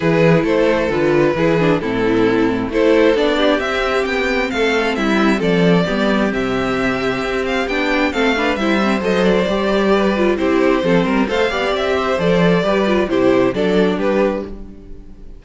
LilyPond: <<
  \new Staff \with { instrumentName = "violin" } { \time 4/4 \tempo 4 = 133 b'4 c''4 b'2 | a'2 c''4 d''4 | e''4 g''4 f''4 e''4 | d''2 e''2~ |
e''8 f''8 g''4 f''4 e''4 | dis''8 d''2~ d''8 c''4~ | c''4 f''4 e''4 d''4~ | d''4 c''4 d''4 b'4 | }
  \new Staff \with { instrumentName = "violin" } { \time 4/4 gis'4 a'2 gis'4 | e'2 a'4. g'8~ | g'2 a'4 e'4 | a'4 g'2.~ |
g'2 a'8 b'8 c''4~ | c''2 b'4 g'4 | a'8 ais'8 c''8 d''4 c''4. | b'4 g'4 a'4 g'4 | }
  \new Staff \with { instrumentName = "viola" } { \time 4/4 e'2 f'4 e'8 d'8 | c'2 e'4 d'4 | c'1~ | c'4 b4 c'2~ |
c'4 d'4 c'8 d'8 e'8 c'8 | a'4 g'4. f'8 e'4 | c'4 a'8 g'4. a'4 | g'8 f'8 e'4 d'2 | }
  \new Staff \with { instrumentName = "cello" } { \time 4/4 e4 a4 d4 e4 | a,2 a4 b4 | c'4 b4 a4 g4 | f4 g4 c2 |
c'4 b4 a4 g4 | fis4 g2 c'4 | f8 g8 a8 b8 c'4 f4 | g4 c4 fis4 g4 | }
>>